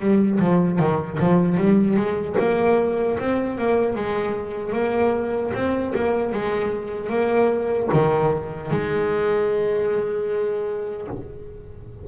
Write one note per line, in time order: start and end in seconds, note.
0.00 0.39 G3
0.40 0.79 F3
0.79 1.19 D#3
1.19 1.58 F3
1.58 1.97 G3
1.97 2.36 G#3
2.40 3.19 A#3
3.20 3.58 C4
3.58 3.96 A#3
3.96 4.73 G#3
4.73 5.52 A#3
5.54 5.94 C4
5.95 6.32 A#3
6.32 7.10 G#3
7.10 7.89 A#3
7.93 8.71 D#3
8.71 11.08 G#3